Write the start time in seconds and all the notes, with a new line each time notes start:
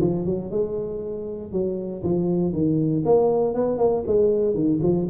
0.00 F3
0.25 F#3
0.50 G#3
1.52 F#3
2.03 F3
2.52 D#3
3.05 A#3
3.54 B3
3.78 A#3
4.07 G#3
4.54 D#3
4.82 F3